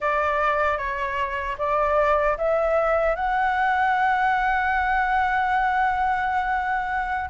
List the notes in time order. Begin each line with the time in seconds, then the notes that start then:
0.00 D5
0.77 C#5
1.58 D5
2.37 E5
3.15 F#5